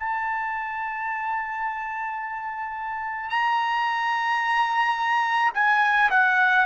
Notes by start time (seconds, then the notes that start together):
0.00 A5
3.30 A#5
5.55 G#5
6.11 F#5